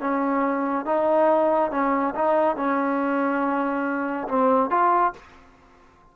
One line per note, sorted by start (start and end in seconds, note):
0.00 0.85 C#4
0.85 1.71 D#4
1.71 2.14 C#4
2.15 2.56 D#4
2.56 4.28 C#4
4.28 4.70 C4
4.70 5.13 F4